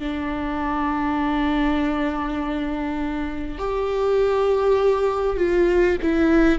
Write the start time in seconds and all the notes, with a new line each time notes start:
0.00 D4
3.58 G4
5.37 F4
6.02 E4